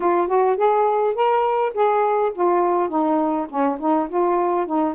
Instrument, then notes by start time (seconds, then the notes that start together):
saxophone
0.00 F4
0.27 F#4
0.56 G#4
1.14 A#4
1.74 G#4
2.34 F4
2.89 D#4
3.49 C#4
3.79 D#4
4.09 F4
4.66 D#4